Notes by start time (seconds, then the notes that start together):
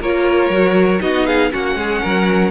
0.00 A#3 F4 A#4 C#5
0.50 F#3 F#4
1.00 B3 D#4 F#4 D#5
1.27 G#4 F5
1.51 A#3 C#4 F#4 F#5
1.76 G#3 G#4
2.02 F#3 A#4